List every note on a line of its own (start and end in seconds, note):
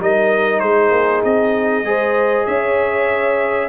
0.00 0.62 G3
0.00 1.85 D#4
0.00 0.63 A#4
0.00 0.60 D#5
0.60 0.91 G#3
0.60 1.87 G#4
0.60 1.22 C5
0.91 1.22 A#3
1.24 1.83 C4
1.24 2.46 D#5
1.83 2.45 G#3
1.83 3.69 G#4
1.83 2.46 C5
2.46 3.69 C#4
2.46 3.69 C#5
2.46 3.69 E5